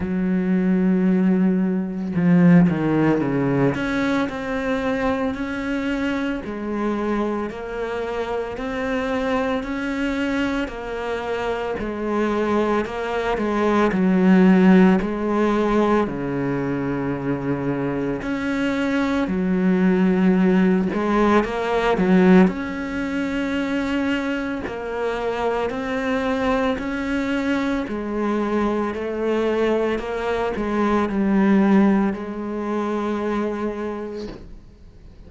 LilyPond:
\new Staff \with { instrumentName = "cello" } { \time 4/4 \tempo 4 = 56 fis2 f8 dis8 cis8 cis'8 | c'4 cis'4 gis4 ais4 | c'4 cis'4 ais4 gis4 | ais8 gis8 fis4 gis4 cis4~ |
cis4 cis'4 fis4. gis8 | ais8 fis8 cis'2 ais4 | c'4 cis'4 gis4 a4 | ais8 gis8 g4 gis2 | }